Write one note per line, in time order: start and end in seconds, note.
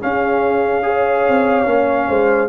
0.00 0.82 C#4
0.00 1.28 C#4
0.00 0.85 G#4
0.00 2.48 F5
0.82 1.65 G#4
0.82 2.08 C#5
1.28 1.66 C4
1.65 2.07 A#3
1.65 2.48 C#4
2.08 2.48 G#3
2.08 2.48 C5